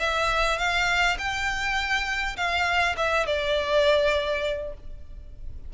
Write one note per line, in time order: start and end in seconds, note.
0.00 0.59 E5
0.59 1.17 F5
1.19 2.36 G5
2.37 2.96 F5
2.97 3.26 E5
3.27 4.74 D5